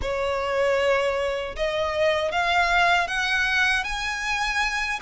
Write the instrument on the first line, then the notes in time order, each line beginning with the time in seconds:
violin
0.01 C#5
1.56 D#5
2.31 F5
3.07 F#5
3.84 G#5